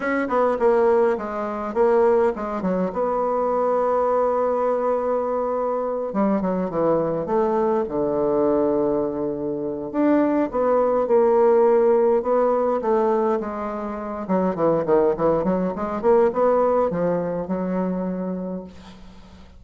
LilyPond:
\new Staff \with { instrumentName = "bassoon" } { \time 4/4 \tempo 4 = 103 cis'8 b8 ais4 gis4 ais4 | gis8 fis8 b2.~ | b2~ b8 g8 fis8 e8~ | e8 a4 d2~ d8~ |
d4 d'4 b4 ais4~ | ais4 b4 a4 gis4~ | gis8 fis8 e8 dis8 e8 fis8 gis8 ais8 | b4 f4 fis2 | }